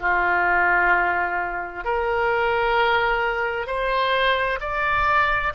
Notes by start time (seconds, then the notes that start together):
0.00 F4
1.85 A#4
3.67 C5
4.61 D5